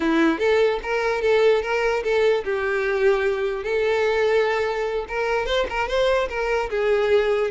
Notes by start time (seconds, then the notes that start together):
0.00 E4
0.39 A4
0.83 A#4
1.21 A4
1.62 A#4
2.03 A4
2.44 G4
3.63 A4
5.08 A#4
5.46 C5
5.69 A#4
5.87 C5
6.29 A#4
6.70 G#4